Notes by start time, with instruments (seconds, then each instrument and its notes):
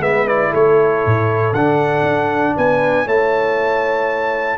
0.00 tuba G#3, trombone B3, horn B4, trumpet E5
0.28 trombone E4, trumpet D5
0.50 tuba A3, horn A4, trumpet C#5
1.06 tuba A2
1.53 tuba D3, trombone D4, trumpet F#5
2.03 tuba D4
2.56 tuba B3, horn B4, trumpet G#5
3.06 tuba A3, trombone E4, horn C#5, trumpet A5